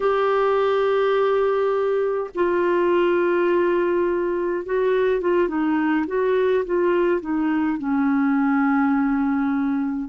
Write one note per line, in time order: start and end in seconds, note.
0.00 2.30 G4
2.34 4.65 F4
4.65 5.20 F#4
5.20 5.48 F4
5.48 6.05 D#4
6.06 6.64 F#4
6.65 7.21 F4
7.21 7.78 D#4
7.78 10.09 C#4